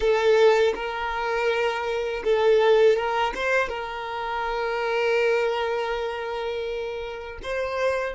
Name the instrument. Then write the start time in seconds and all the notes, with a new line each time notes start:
violin
0.00 A4
0.75 A#4
2.24 A4
2.96 A#4
3.35 C5
3.68 A#4
7.42 C5